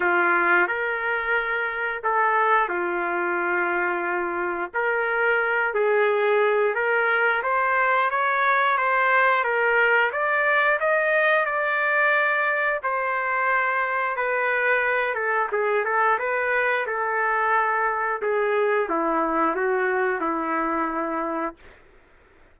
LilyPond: \new Staff \with { instrumentName = "trumpet" } { \time 4/4 \tempo 4 = 89 f'4 ais'2 a'4 | f'2. ais'4~ | ais'8 gis'4. ais'4 c''4 | cis''4 c''4 ais'4 d''4 |
dis''4 d''2 c''4~ | c''4 b'4. a'8 gis'8 a'8 | b'4 a'2 gis'4 | e'4 fis'4 e'2 | }